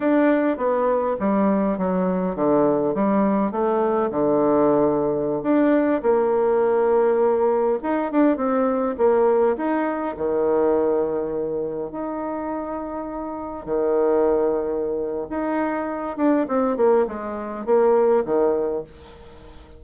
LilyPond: \new Staff \with { instrumentName = "bassoon" } { \time 4/4 \tempo 4 = 102 d'4 b4 g4 fis4 | d4 g4 a4 d4~ | d4~ d16 d'4 ais4.~ ais16~ | ais4~ ais16 dis'8 d'8 c'4 ais8.~ |
ais16 dis'4 dis2~ dis8.~ | dis16 dis'2. dis8.~ | dis2 dis'4. d'8 | c'8 ais8 gis4 ais4 dis4 | }